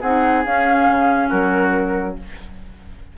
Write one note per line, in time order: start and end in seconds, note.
0.00 0.45 C4
0.00 0.45 D#4
0.00 1.28 G#4
0.00 0.44 F#5
0.45 2.17 C#4
0.45 0.87 C#4
0.45 1.30 F5
0.87 1.30 C#3
1.28 2.18 F#3
1.28 2.15 F#4
1.28 2.16 A#4